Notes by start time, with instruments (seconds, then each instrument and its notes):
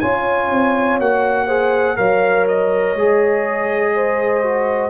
0.00 tuba C#4, trombone F4, horn C#5, trumpet G#5
0.51 tuba C4
0.99 tuba A#3, trombone F#4, trumpet F#5
1.46 trombone G#4, horn C5
1.96 tuba F#3, trombone A#4, horn C#5, trumpet F5
2.48 trumpet D#5
2.94 tuba G#3, trombone G#4
3.94 horn C5
4.43 trombone F#4